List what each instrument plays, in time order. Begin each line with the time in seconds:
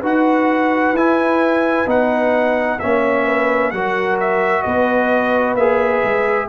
0.00 tuba D#4, trombone F#4, horn B4, trumpet F#5
0.92 tuba E4, trombone E4, trumpet G#5
1.86 tuba B3, trombone D#4, trumpet F#5
2.79 tuba A#3, trombone C#4, horn C#5, trumpet E5
3.26 horn B4
3.71 tuba F#3, trombone F#4, horn A#4, trumpet F#5
4.20 trumpet E5
4.62 tuba B3, horn B4, trumpet D#5
5.55 tuba A#3, trombone G#4, trumpet E5
6.03 tuba G#3